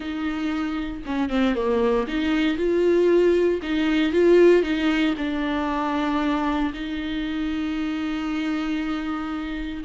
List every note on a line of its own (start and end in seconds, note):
0.00 1.02 D#4
1.06 1.29 C#4
1.29 1.55 C4
1.55 2.06 A#3
2.07 2.57 D#4
2.57 3.60 F4
3.62 4.12 D#4
4.12 4.62 F4
4.62 5.14 D#4
5.17 6.72 D4
6.73 9.83 D#4